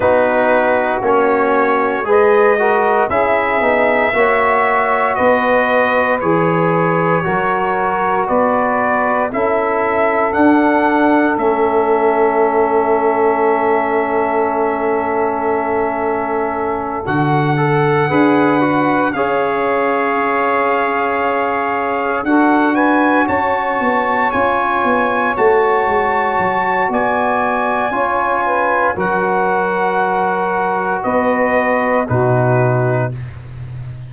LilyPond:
<<
  \new Staff \with { instrumentName = "trumpet" } { \time 4/4 \tempo 4 = 58 b'4 cis''4 dis''4 e''4~ | e''4 dis''4 cis''2 | d''4 e''4 fis''4 e''4~ | e''1~ |
e''8 fis''2 f''4.~ | f''4. fis''8 gis''8 a''4 gis''8~ | gis''8 a''4. gis''2 | fis''2 dis''4 b'4 | }
  \new Staff \with { instrumentName = "saxophone" } { \time 4/4 fis'2 b'8 ais'8 gis'4 | cis''4 b'2 ais'4 | b'4 a'2.~ | a'1~ |
a'4. b'4 cis''4.~ | cis''4. a'8 b'8 cis''4.~ | cis''2 d''4 cis''8 b'8 | ais'2 b'4 fis'4 | }
  \new Staff \with { instrumentName = "trombone" } { \time 4/4 dis'4 cis'4 gis'8 fis'8 e'8 dis'8 | fis'2 gis'4 fis'4~ | fis'4 e'4 d'4 cis'4~ | cis'1~ |
cis'8 fis'8 a'8 gis'8 fis'8 gis'4.~ | gis'4. fis'2 f'8~ | f'8 fis'2~ fis'8 f'4 | fis'2. dis'4 | }
  \new Staff \with { instrumentName = "tuba" } { \time 4/4 b4 ais4 gis4 cis'8 b8 | ais4 b4 e4 fis4 | b4 cis'4 d'4 a4~ | a1~ |
a8 d4 d'4 cis'4.~ | cis'4. d'4 cis'8 b8 cis'8 | b8 a8 gis8 fis8 b4 cis'4 | fis2 b4 b,4 | }
>>